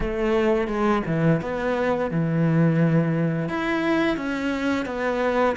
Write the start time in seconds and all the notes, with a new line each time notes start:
0.00 A3
0.67 G#3
1.06 E3
1.41 B3
2.10 E3
3.49 E4
4.17 C#4
4.85 B3